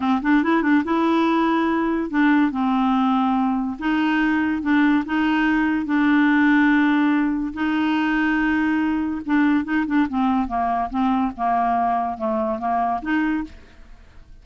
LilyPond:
\new Staff \with { instrumentName = "clarinet" } { \time 4/4 \tempo 4 = 143 c'8 d'8 e'8 d'8 e'2~ | e'4 d'4 c'2~ | c'4 dis'2 d'4 | dis'2 d'2~ |
d'2 dis'2~ | dis'2 d'4 dis'8 d'8 | c'4 ais4 c'4 ais4~ | ais4 a4 ais4 dis'4 | }